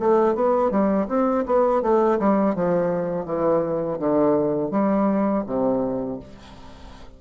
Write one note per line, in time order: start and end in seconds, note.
0.00 0.35 A3
0.35 0.72 B3
0.72 1.08 G3
1.08 1.45 C4
1.46 1.83 B3
1.83 2.19 A3
2.20 2.55 G3
2.55 3.26 F3
3.26 3.99 E3
3.99 4.71 D3
4.71 5.44 G3
5.47 6.20 C3